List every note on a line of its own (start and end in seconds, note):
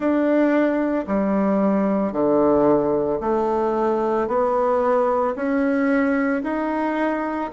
0.00 1.05 D4
1.07 2.12 G3
2.12 3.19 D3
3.20 4.27 A3
4.27 5.34 B3
5.35 6.42 C#4
6.43 7.50 D#4